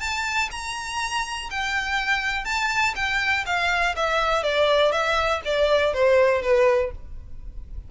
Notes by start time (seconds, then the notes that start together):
0.00 A5
0.51 A#5
1.50 G5
2.45 A5
2.96 G5
3.46 F5
3.96 E5
4.43 D5
4.92 E5
5.45 D5
5.94 C5
6.42 B4